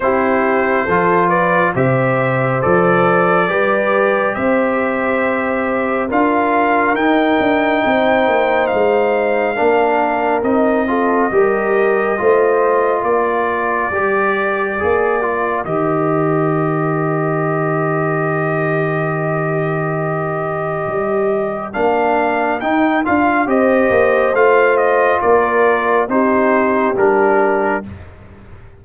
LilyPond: <<
  \new Staff \with { instrumentName = "trumpet" } { \time 4/4 \tempo 4 = 69 c''4. d''8 e''4 d''4~ | d''4 e''2 f''4 | g''2 f''2 | dis''2. d''4~ |
d''2 dis''2~ | dis''1~ | dis''4 f''4 g''8 f''8 dis''4 | f''8 dis''8 d''4 c''4 ais'4 | }
  \new Staff \with { instrumentName = "horn" } { \time 4/4 g'4 a'8 b'8 c''2 | b'4 c''2 ais'4~ | ais'4 c''2 ais'4~ | ais'8 a'8 ais'4 c''4 ais'4~ |
ais'1~ | ais'1~ | ais'2. c''4~ | c''4 ais'4 g'2 | }
  \new Staff \with { instrumentName = "trombone" } { \time 4/4 e'4 f'4 g'4 a'4 | g'2. f'4 | dis'2. d'4 | dis'8 f'8 g'4 f'2 |
g'4 gis'8 f'8 g'2~ | g'1~ | g'4 d'4 dis'8 f'8 g'4 | f'2 dis'4 d'4 | }
  \new Staff \with { instrumentName = "tuba" } { \time 4/4 c'4 f4 c4 f4 | g4 c'2 d'4 | dis'8 d'8 c'8 ais8 gis4 ais4 | c'4 g4 a4 ais4 |
g4 ais4 dis2~ | dis1 | g4 ais4 dis'8 d'8 c'8 ais8 | a4 ais4 c'4 g4 | }
>>